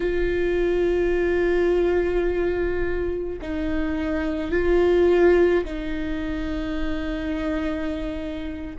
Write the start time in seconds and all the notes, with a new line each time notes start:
0.00 F4
3.41 D#4
4.51 F4
5.64 D#4